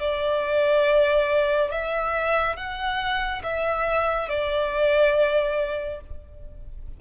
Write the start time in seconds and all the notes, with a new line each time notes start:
0.00 D5
1.71 E5
2.56 F#5
3.43 E5
4.29 D5